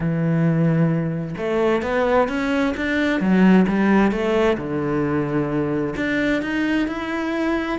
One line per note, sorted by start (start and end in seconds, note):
0.00 1.35 E3
1.37 1.82 A3
1.82 2.28 B3
2.28 2.74 C#4
2.76 3.20 D4
3.20 3.66 F#3
3.67 4.11 G3
4.11 4.57 A3
4.57 5.94 D3
5.96 6.41 D4
6.41 6.87 D#4
6.87 7.78 E4